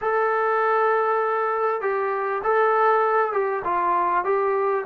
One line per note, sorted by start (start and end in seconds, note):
0.01 1.81 A4
1.81 2.42 G4
2.43 3.32 A4
3.32 3.62 G4
3.64 4.24 F4
4.24 4.85 G4